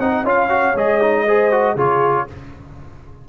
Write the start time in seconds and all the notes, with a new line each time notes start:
0.00 C4 D#4 D#5 F#5
0.24 C#4 F4 C#5 F5
0.49 F#4
0.75 G#3 G#4 D#5
1.01 D#4
1.27 G#4 C5
1.52 F#4
1.75 C#3 F4 G#4 C#5